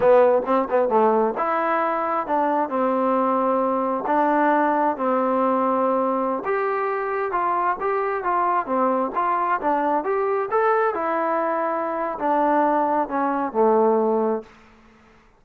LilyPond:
\new Staff \with { instrumentName = "trombone" } { \time 4/4 \tempo 4 = 133 b4 c'8 b8 a4 e'4~ | e'4 d'4 c'2~ | c'4 d'2 c'4~ | c'2~ c'16 g'4.~ g'16~ |
g'16 f'4 g'4 f'4 c'8.~ | c'16 f'4 d'4 g'4 a'8.~ | a'16 e'2~ e'8. d'4~ | d'4 cis'4 a2 | }